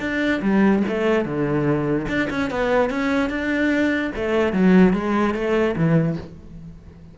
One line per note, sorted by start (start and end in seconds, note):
0.00 0.41 D4
0.42 0.83 G3
0.88 1.25 A3
1.25 2.07 D3
2.08 2.29 D4
2.30 2.50 C#4
2.50 2.90 B3
2.90 3.29 C#4
3.29 4.11 D4
4.15 4.53 A3
4.53 4.93 F#3
4.93 5.34 G#3
5.34 5.75 A3
5.76 6.17 E3